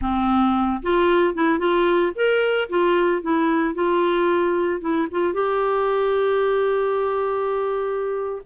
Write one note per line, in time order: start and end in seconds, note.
0.01 0.81 C4
0.82 1.34 F4
1.34 1.58 E4
1.58 2.12 F4
2.15 2.68 A#4
2.69 3.22 F4
3.22 3.74 E4
3.74 4.80 F4
4.80 5.07 E4
5.11 5.33 F4
5.33 8.41 G4